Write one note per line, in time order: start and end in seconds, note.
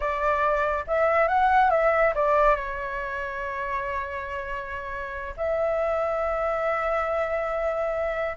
0.00 0.85 D5
0.87 1.28 E5
1.28 1.70 F#5
1.70 2.13 E5
2.14 2.56 D5
2.56 5.34 C#5
5.36 8.36 E5